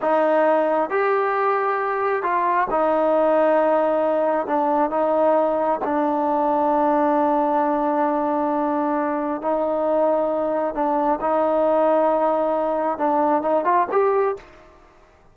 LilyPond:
\new Staff \with { instrumentName = "trombone" } { \time 4/4 \tempo 4 = 134 dis'2 g'2~ | g'4 f'4 dis'2~ | dis'2 d'4 dis'4~ | dis'4 d'2.~ |
d'1~ | d'4 dis'2. | d'4 dis'2.~ | dis'4 d'4 dis'8 f'8 g'4 | }